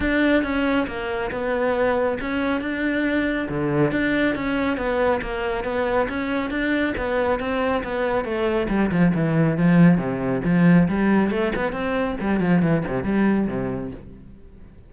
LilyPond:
\new Staff \with { instrumentName = "cello" } { \time 4/4 \tempo 4 = 138 d'4 cis'4 ais4 b4~ | b4 cis'4 d'2 | d4 d'4 cis'4 b4 | ais4 b4 cis'4 d'4 |
b4 c'4 b4 a4 | g8 f8 e4 f4 c4 | f4 g4 a8 b8 c'4 | g8 f8 e8 c8 g4 c4 | }